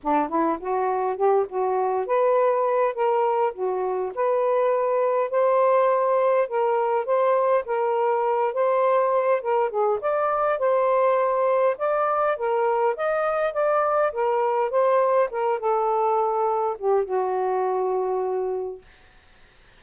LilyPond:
\new Staff \with { instrumentName = "saxophone" } { \time 4/4 \tempo 4 = 102 d'8 e'8 fis'4 g'8 fis'4 b'8~ | b'4 ais'4 fis'4 b'4~ | b'4 c''2 ais'4 | c''4 ais'4. c''4. |
ais'8 gis'8 d''4 c''2 | d''4 ais'4 dis''4 d''4 | ais'4 c''4 ais'8 a'4.~ | a'8 g'8 fis'2. | }